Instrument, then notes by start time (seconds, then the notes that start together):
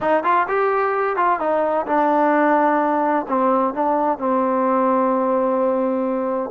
trombone
0.00 D#4
0.23 F4
0.48 G4
1.16 F4
1.39 D#4
1.86 D4
3.28 C4
3.74 D4
4.18 C4